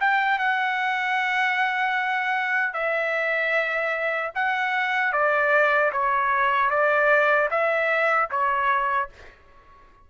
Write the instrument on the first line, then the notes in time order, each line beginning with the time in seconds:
trumpet
0.00 G5
0.38 F#5
2.73 E5
4.35 F#5
5.12 D5
5.92 C#5
6.70 D5
7.50 E5
8.30 C#5